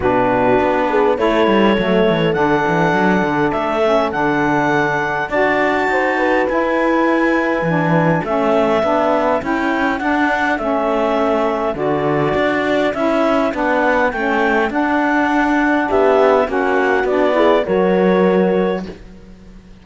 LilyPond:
<<
  \new Staff \with { instrumentName = "clarinet" } { \time 4/4 \tempo 4 = 102 b'2 cis''2 | fis''2 e''4 fis''4~ | fis''4 a''2 gis''4~ | gis''2 e''2 |
g''4 fis''4 e''2 | d''2 e''4 fis''4 | g''4 fis''2 e''4 | fis''4 d''4 cis''2 | }
  \new Staff \with { instrumentName = "horn" } { \time 4/4 fis'4. gis'8 a'2~ | a'1~ | a'4 d''4 c''8 b'4.~ | b'2 a'2~ |
a'1~ | a'1~ | a'2. g'4 | fis'4. gis'8 ais'2 | }
  \new Staff \with { instrumentName = "saxophone" } { \time 4/4 d'2 e'4 a4 | d'2~ d'8 cis'8 d'4~ | d'4 fis'2 e'4~ | e'4 d'4 cis'4 d'4 |
e'4 d'4 cis'2 | fis'2 e'4 d'4 | cis'4 d'2. | cis'4 d'8 e'8 fis'2 | }
  \new Staff \with { instrumentName = "cello" } { \time 4/4 b,4 b4 a8 g8 fis8 e8 | d8 e8 fis8 d8 a4 d4~ | d4 d'4 dis'4 e'4~ | e'4 e4 a4 b4 |
cis'4 d'4 a2 | d4 d'4 cis'4 b4 | a4 d'2 b4 | ais4 b4 fis2 | }
>>